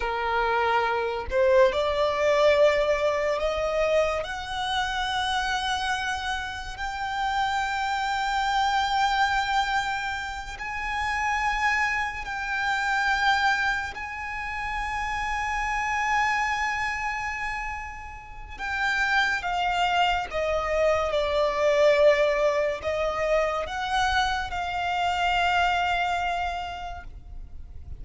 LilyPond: \new Staff \with { instrumentName = "violin" } { \time 4/4 \tempo 4 = 71 ais'4. c''8 d''2 | dis''4 fis''2. | g''1~ | g''8 gis''2 g''4.~ |
g''8 gis''2.~ gis''8~ | gis''2 g''4 f''4 | dis''4 d''2 dis''4 | fis''4 f''2. | }